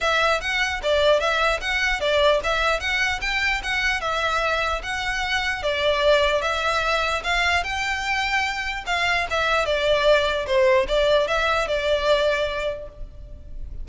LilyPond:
\new Staff \with { instrumentName = "violin" } { \time 4/4 \tempo 4 = 149 e''4 fis''4 d''4 e''4 | fis''4 d''4 e''4 fis''4 | g''4 fis''4 e''2 | fis''2 d''2 |
e''2 f''4 g''4~ | g''2 f''4 e''4 | d''2 c''4 d''4 | e''4 d''2. | }